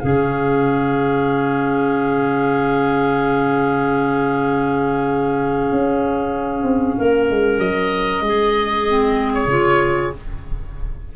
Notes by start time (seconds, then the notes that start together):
0.00 C#3 C#4 G#4 F5
5.71 C#4
6.63 C4
6.98 A#3 A#4
7.30 G#3
7.58 F#3 D#5
8.21 G#3 G#4
8.87 C4
9.34 C#5
9.46 C#3 F4